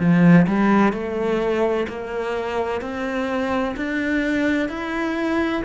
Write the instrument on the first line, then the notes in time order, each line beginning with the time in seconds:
cello
0.00 F3
0.48 G3
0.93 A3
1.89 A#3
2.82 C4
3.77 D4
4.69 E4